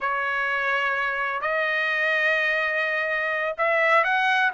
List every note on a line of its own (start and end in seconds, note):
0.00 1.41 C#5
1.41 3.55 D#5
3.57 4.03 E5
4.03 4.51 F#5